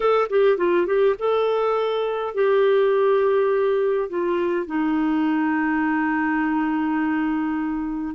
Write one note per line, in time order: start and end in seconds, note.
0.00 0.28 A4
0.29 0.57 G4
0.57 0.86 F4
0.86 1.15 G4
1.18 2.34 A4
2.34 4.09 G4
4.09 4.66 F4
4.66 8.14 D#4